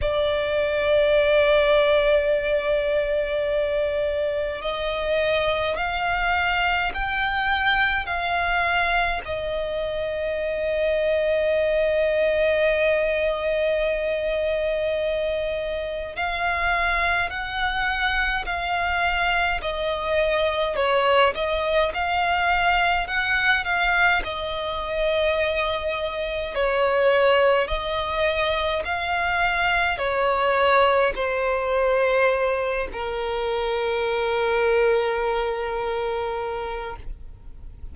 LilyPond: \new Staff \with { instrumentName = "violin" } { \time 4/4 \tempo 4 = 52 d''1 | dis''4 f''4 g''4 f''4 | dis''1~ | dis''2 f''4 fis''4 |
f''4 dis''4 cis''8 dis''8 f''4 | fis''8 f''8 dis''2 cis''4 | dis''4 f''4 cis''4 c''4~ | c''8 ais'2.~ ais'8 | }